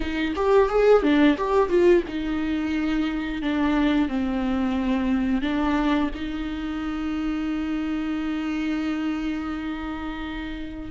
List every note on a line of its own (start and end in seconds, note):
0.00 0.34 D#4
0.35 0.69 G4
0.69 1.02 G#4
1.02 1.36 D4
1.37 1.69 G4
1.69 2.03 F4
2.08 3.42 D#4
3.42 4.08 D4
4.08 5.41 C4
5.41 6.10 D4
6.15 10.91 D#4